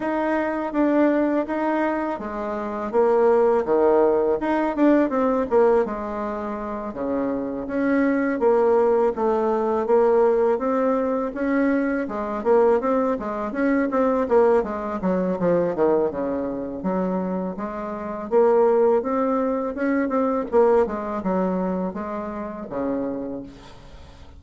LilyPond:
\new Staff \with { instrumentName = "bassoon" } { \time 4/4 \tempo 4 = 82 dis'4 d'4 dis'4 gis4 | ais4 dis4 dis'8 d'8 c'8 ais8 | gis4. cis4 cis'4 ais8~ | ais8 a4 ais4 c'4 cis'8~ |
cis'8 gis8 ais8 c'8 gis8 cis'8 c'8 ais8 | gis8 fis8 f8 dis8 cis4 fis4 | gis4 ais4 c'4 cis'8 c'8 | ais8 gis8 fis4 gis4 cis4 | }